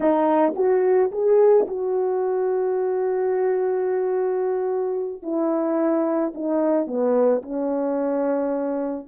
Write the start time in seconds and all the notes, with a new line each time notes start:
0.00 D#4
0.55 F#4
1.11 G#4
1.67 F#4
5.22 E4
6.34 D#4
6.87 B3
7.42 C#4